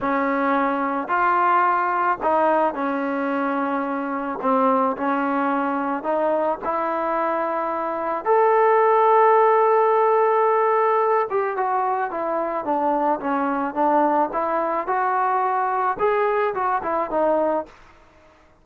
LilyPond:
\new Staff \with { instrumentName = "trombone" } { \time 4/4 \tempo 4 = 109 cis'2 f'2 | dis'4 cis'2. | c'4 cis'2 dis'4 | e'2. a'4~ |
a'1~ | a'8 g'8 fis'4 e'4 d'4 | cis'4 d'4 e'4 fis'4~ | fis'4 gis'4 fis'8 e'8 dis'4 | }